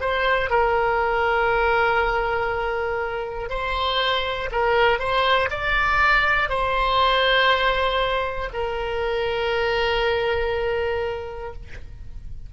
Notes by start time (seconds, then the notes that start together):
0.00 C5
0.50 A#4
3.49 C5
4.51 A#4
4.99 C5
5.50 D5
6.49 C5
8.53 A#4